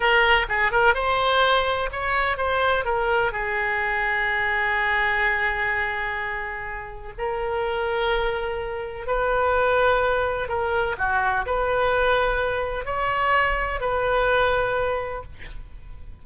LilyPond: \new Staff \with { instrumentName = "oboe" } { \time 4/4 \tempo 4 = 126 ais'4 gis'8 ais'8 c''2 | cis''4 c''4 ais'4 gis'4~ | gis'1~ | gis'2. ais'4~ |
ais'2. b'4~ | b'2 ais'4 fis'4 | b'2. cis''4~ | cis''4 b'2. | }